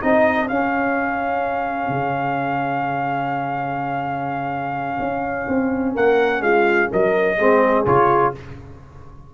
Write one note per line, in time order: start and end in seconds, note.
0.00 0.50 C4
0.00 0.47 D#4
0.00 5.94 G#4
0.00 0.48 D#5
0.47 7.38 C#4
0.47 1.89 C#4
0.47 5.96 F5
1.89 4.98 C#3
4.99 5.47 C#4
5.48 5.96 C4
5.94 6.40 A#3
5.94 6.42 A#4
5.94 6.42 F#5
6.40 6.88 G#3
6.40 6.90 F4
6.40 6.90 F5
6.90 7.38 F#3
6.90 7.38 A#4
6.90 7.86 D#5
7.38 7.86 G#3
7.38 7.86 C4
7.38 8.34 G#4
7.86 8.34 C#3
7.86 8.34 F4
7.86 8.34 C#5